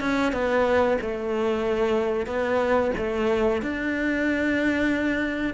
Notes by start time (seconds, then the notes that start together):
0.00 C#4
0.32 B3
1.01 A3
2.26 B3
2.97 A3
3.62 D4